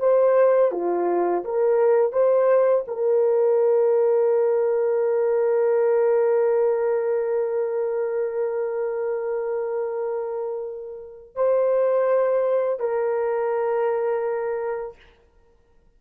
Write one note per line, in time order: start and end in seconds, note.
0.00 0.72 C5
0.72 1.44 F4
1.45 2.13 A#4
2.13 2.85 C5
2.88 11.35 A#4
11.35 12.80 C5
12.80 14.97 A#4